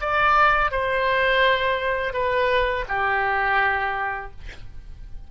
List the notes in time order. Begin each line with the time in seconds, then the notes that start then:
0.00 D5
0.71 C5
2.13 B4
2.88 G4